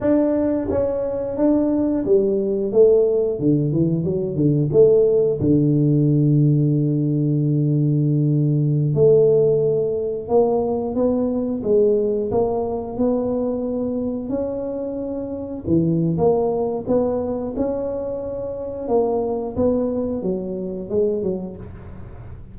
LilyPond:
\new Staff \with { instrumentName = "tuba" } { \time 4/4 \tempo 4 = 89 d'4 cis'4 d'4 g4 | a4 d8 e8 fis8 d8 a4 | d1~ | d4~ d16 a2 ais8.~ |
ais16 b4 gis4 ais4 b8.~ | b4~ b16 cis'2 e8. | ais4 b4 cis'2 | ais4 b4 fis4 gis8 fis8 | }